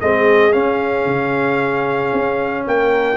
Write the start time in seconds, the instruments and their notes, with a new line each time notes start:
0.00 tuba G#3, trombone C4, horn G#4, trumpet D#5
0.52 trombone C#4, tuba C#4, trumpet F5
1.06 tuba C#3
2.13 tuba C#4
2.67 tuba A#3, horn A#4, trumpet G5